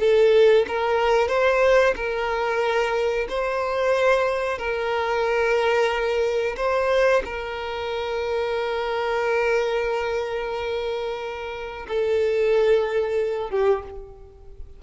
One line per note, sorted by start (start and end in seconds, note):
0.00 0.66 A4
0.68 1.28 A#4
1.28 1.94 C5
1.96 3.28 A#4
3.29 4.58 C5
4.58 6.56 A#4
6.57 7.23 C5
7.25 11.87 A#4
11.88 13.50 A4
13.50 13.83 G4